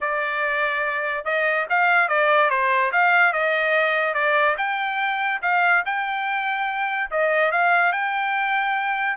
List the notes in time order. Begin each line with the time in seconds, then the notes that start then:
0.00 D5
1.24 D#5
1.69 F5
2.08 D5
2.50 C5
2.92 F5
3.32 D#5
4.13 D5
4.57 G5
5.41 F5
5.85 G5
7.11 D#5
7.51 F5
7.92 G5